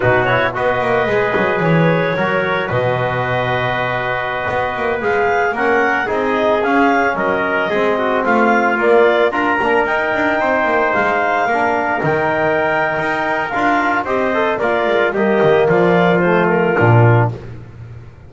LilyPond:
<<
  \new Staff \with { instrumentName = "clarinet" } { \time 4/4 \tempo 4 = 111 b'8 cis''8 dis''2 cis''4~ | cis''4 dis''2.~ | dis''4~ dis''16 f''4 fis''4 dis''8.~ | dis''16 f''4 dis''2 f''8.~ |
f''16 d''4 ais''4 g''4.~ g''16~ | g''16 f''2 g''4.~ g''16~ | g''4 f''4 dis''4 d''4 | dis''4 d''4 c''8 ais'4. | }
  \new Staff \with { instrumentName = "trumpet" } { \time 4/4 fis'4 b'2. | ais'4 b'2.~ | b'2~ b'16 ais'4 gis'8.~ | gis'4~ gis'16 ais'4 gis'8 fis'8 f'8.~ |
f'4~ f'16 ais'2 c''8.~ | c''4~ c''16 ais'2~ ais'8.~ | ais'2 c''4 f'4 | g'4 f'2. | }
  \new Staff \with { instrumentName = "trombone" } { \time 4/4 dis'8 e'8 fis'4 gis'2 | fis'1~ | fis'4~ fis'16 gis'4 cis'4 dis'8.~ | dis'16 cis'2 c'4.~ c'16~ |
c'16 ais4 f'8 d'8 dis'4.~ dis'16~ | dis'4~ dis'16 d'4 dis'4.~ dis'16~ | dis'4 f'4 g'8 a'8 ais'4 | ais2 a4 d'4 | }
  \new Staff \with { instrumentName = "double bass" } { \time 4/4 b,4 b8 ais8 gis8 fis8 e4 | fis4 b,2.~ | b,16 b8 ais8 gis4 ais4 c'8.~ | c'16 cis'4 fis4 gis4 a8.~ |
a16 ais4 d'8 ais8 dis'8 d'8 c'8 ais16~ | ais16 gis4 ais4 dis4.~ dis16 | dis'4 d'4 c'4 ais8 gis8 | g8 dis8 f2 ais,4 | }
>>